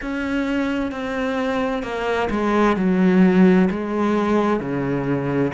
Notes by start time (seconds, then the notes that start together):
0.01 C#4
0.91 C4
1.82 A#3
2.30 G#3
2.76 F#3
3.70 G#3
4.59 C#3